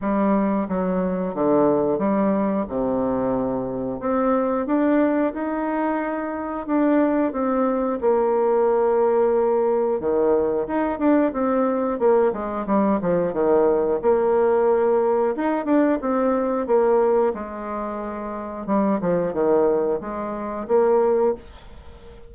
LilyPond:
\new Staff \with { instrumentName = "bassoon" } { \time 4/4 \tempo 4 = 90 g4 fis4 d4 g4 | c2 c'4 d'4 | dis'2 d'4 c'4 | ais2. dis4 |
dis'8 d'8 c'4 ais8 gis8 g8 f8 | dis4 ais2 dis'8 d'8 | c'4 ais4 gis2 | g8 f8 dis4 gis4 ais4 | }